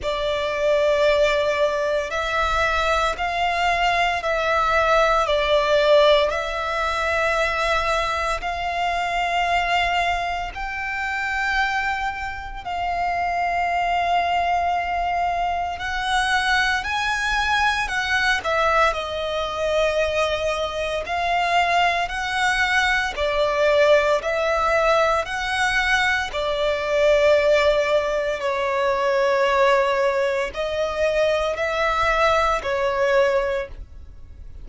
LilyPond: \new Staff \with { instrumentName = "violin" } { \time 4/4 \tempo 4 = 57 d''2 e''4 f''4 | e''4 d''4 e''2 | f''2 g''2 | f''2. fis''4 |
gis''4 fis''8 e''8 dis''2 | f''4 fis''4 d''4 e''4 | fis''4 d''2 cis''4~ | cis''4 dis''4 e''4 cis''4 | }